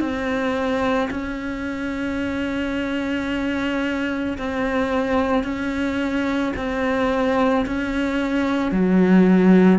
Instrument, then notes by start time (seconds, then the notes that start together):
cello
0.00 C4
1.11 C#4
4.38 C4
5.44 C#4
6.57 C4
7.66 C#4
8.72 F#3